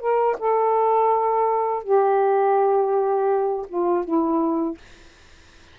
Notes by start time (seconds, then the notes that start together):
0.00 A#4
0.39 A4
1.84 G4
3.69 F4
4.05 E4